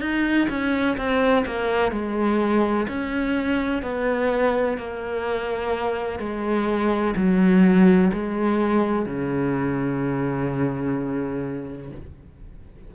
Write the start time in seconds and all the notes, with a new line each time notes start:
0.00 D#4
0.49 C#4
0.97 C4
1.46 A#3
1.91 G#3
2.87 C#4
3.82 B3
4.77 A#3
6.19 G#3
7.16 F#3
8.13 G#3
9.05 C#3